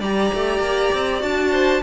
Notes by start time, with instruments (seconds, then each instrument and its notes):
0.00 cello G3, viola G4, violin D5 A#5
0.34 cello A3
0.60 cello A#3
0.94 cello C4
1.20 cello D4, viola F#4, violin A5
1.52 violin C5